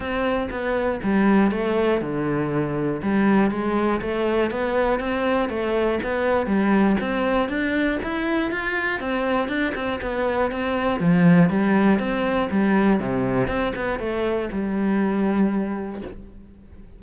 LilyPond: \new Staff \with { instrumentName = "cello" } { \time 4/4 \tempo 4 = 120 c'4 b4 g4 a4 | d2 g4 gis4 | a4 b4 c'4 a4 | b4 g4 c'4 d'4 |
e'4 f'4 c'4 d'8 c'8 | b4 c'4 f4 g4 | c'4 g4 c4 c'8 b8 | a4 g2. | }